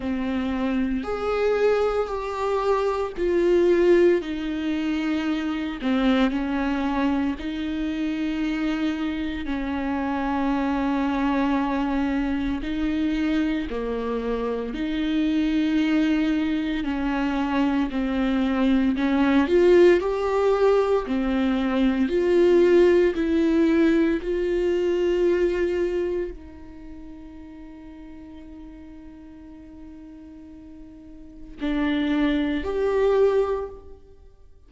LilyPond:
\new Staff \with { instrumentName = "viola" } { \time 4/4 \tempo 4 = 57 c'4 gis'4 g'4 f'4 | dis'4. c'8 cis'4 dis'4~ | dis'4 cis'2. | dis'4 ais4 dis'2 |
cis'4 c'4 cis'8 f'8 g'4 | c'4 f'4 e'4 f'4~ | f'4 dis'2.~ | dis'2 d'4 g'4 | }